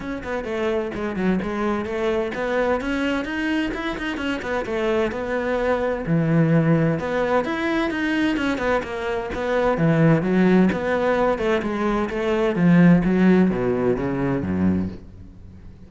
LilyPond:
\new Staff \with { instrumentName = "cello" } { \time 4/4 \tempo 4 = 129 cis'8 b8 a4 gis8 fis8 gis4 | a4 b4 cis'4 dis'4 | e'8 dis'8 cis'8 b8 a4 b4~ | b4 e2 b4 |
e'4 dis'4 cis'8 b8 ais4 | b4 e4 fis4 b4~ | b8 a8 gis4 a4 f4 | fis4 b,4 cis4 fis,4 | }